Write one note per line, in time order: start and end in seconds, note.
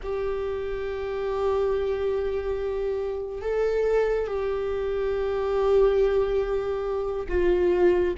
0.02 3.41 G4
3.41 4.27 A4
4.27 7.27 G4
7.28 8.14 F4